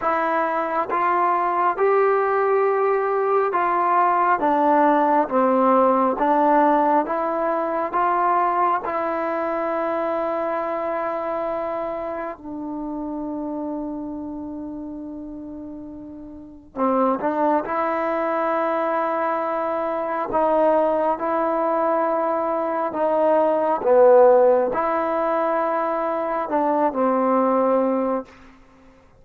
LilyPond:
\new Staff \with { instrumentName = "trombone" } { \time 4/4 \tempo 4 = 68 e'4 f'4 g'2 | f'4 d'4 c'4 d'4 | e'4 f'4 e'2~ | e'2 d'2~ |
d'2. c'8 d'8 | e'2. dis'4 | e'2 dis'4 b4 | e'2 d'8 c'4. | }